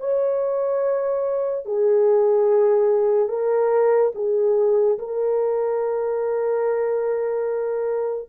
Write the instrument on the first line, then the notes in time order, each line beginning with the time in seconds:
horn
0.00 C#5
1.66 G#4
3.29 A#4
4.15 G#4
4.98 A#4